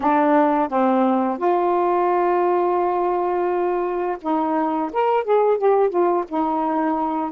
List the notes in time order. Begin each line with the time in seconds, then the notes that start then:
0.00 D4
0.68 C4
1.38 F4
4.21 D#4
4.92 A#4
5.24 G#4
5.57 G4
5.89 F4
6.28 D#4